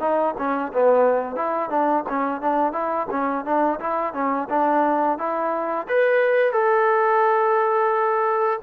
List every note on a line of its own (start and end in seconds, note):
0.00 0.34 D#4
0.38 0.72 C#4
0.73 1.36 B3
1.36 1.70 E4
1.70 2.04 D4
2.09 2.41 C#4
2.41 2.73 D4
2.73 3.07 E4
3.11 3.45 C#4
3.45 3.80 D4
3.80 4.14 E4
4.14 4.48 C#4
4.50 5.18 D4
5.18 5.87 E4
5.88 6.52 B4
6.52 8.59 A4